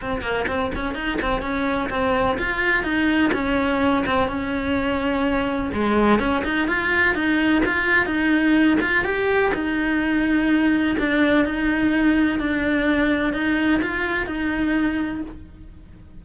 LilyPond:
\new Staff \with { instrumentName = "cello" } { \time 4/4 \tempo 4 = 126 c'8 ais8 c'8 cis'8 dis'8 c'8 cis'4 | c'4 f'4 dis'4 cis'4~ | cis'8 c'8 cis'2. | gis4 cis'8 dis'8 f'4 dis'4 |
f'4 dis'4. f'8 g'4 | dis'2. d'4 | dis'2 d'2 | dis'4 f'4 dis'2 | }